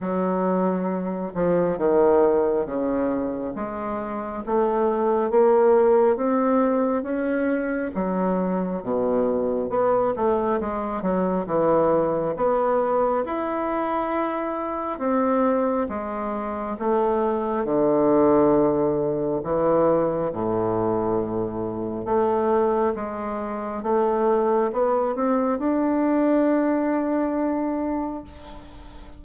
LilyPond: \new Staff \with { instrumentName = "bassoon" } { \time 4/4 \tempo 4 = 68 fis4. f8 dis4 cis4 | gis4 a4 ais4 c'4 | cis'4 fis4 b,4 b8 a8 | gis8 fis8 e4 b4 e'4~ |
e'4 c'4 gis4 a4 | d2 e4 a,4~ | a,4 a4 gis4 a4 | b8 c'8 d'2. | }